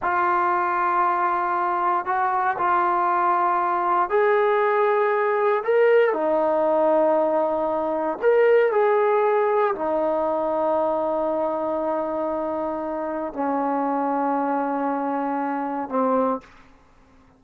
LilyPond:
\new Staff \with { instrumentName = "trombone" } { \time 4/4 \tempo 4 = 117 f'1 | fis'4 f'2. | gis'2. ais'4 | dis'1 |
ais'4 gis'2 dis'4~ | dis'1~ | dis'2 cis'2~ | cis'2. c'4 | }